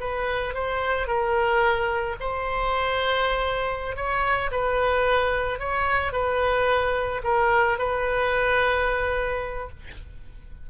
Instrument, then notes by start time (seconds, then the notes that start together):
oboe
0.00 B4
0.54 C5
1.07 A#4
2.20 C5
3.96 C#5
4.51 B4
5.60 C#5
6.13 B4
7.24 A#4
7.79 B4